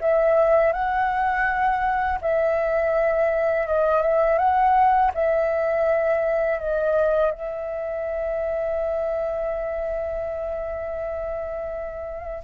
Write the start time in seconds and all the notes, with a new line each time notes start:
0.00 E5
0.72 F#5
2.21 E5
3.67 D#5
4.01 E5
4.38 F#5
5.14 E5
6.59 D#5
7.31 E5